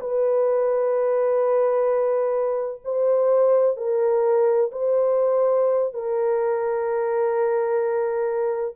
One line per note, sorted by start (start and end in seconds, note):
0.00 2.81 B4
2.84 3.77 C5
3.77 4.70 A#4
4.71 5.93 C5
5.93 8.75 A#4